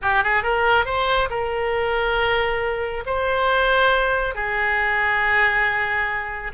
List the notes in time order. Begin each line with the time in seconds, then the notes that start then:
0.02 G4
0.23 G#4
0.43 A#4
0.85 C5
1.30 A#4
3.06 C5
4.34 G#4